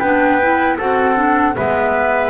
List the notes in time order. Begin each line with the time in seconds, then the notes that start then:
0.00 B3 D4 B4 G5
0.42 E4
0.79 C4 F#4 A4 F#5
1.16 D4
1.57 G#3 B3 B4 E5